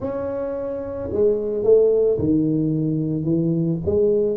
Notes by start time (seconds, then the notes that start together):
0.00 C#4
1.12 G#3
1.63 A3
2.18 D#3
3.23 E3
3.85 G#3